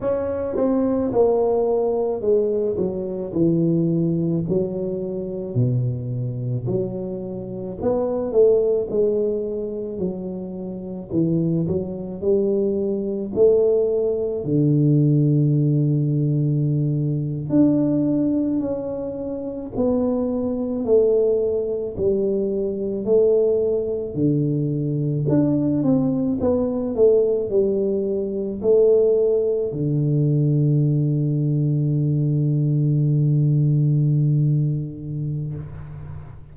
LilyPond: \new Staff \with { instrumentName = "tuba" } { \time 4/4 \tempo 4 = 54 cis'8 c'8 ais4 gis8 fis8 e4 | fis4 b,4 fis4 b8 a8 | gis4 fis4 e8 fis8 g4 | a4 d2~ d8. d'16~ |
d'8. cis'4 b4 a4 g16~ | g8. a4 d4 d'8 c'8 b16~ | b16 a8 g4 a4 d4~ d16~ | d1 | }